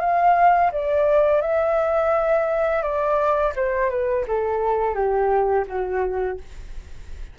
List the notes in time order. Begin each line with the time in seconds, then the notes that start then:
0.00 F5
0.72 D5
1.41 E5
2.82 D5
3.55 C5
3.89 B4
4.27 A4
4.94 G4
5.67 F#4